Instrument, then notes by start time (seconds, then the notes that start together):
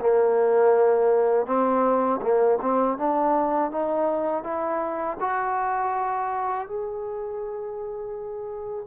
trombone
0.00 A#3
1.46 C4
2.22 A#3
2.61 C4
2.98 D4
3.71 D#4
4.43 E4
5.20 F#4
6.67 G#4